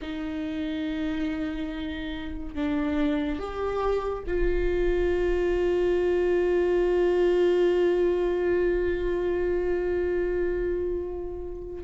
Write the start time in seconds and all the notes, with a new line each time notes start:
0.01 D#4
2.54 D4
3.39 G4
4.26 F4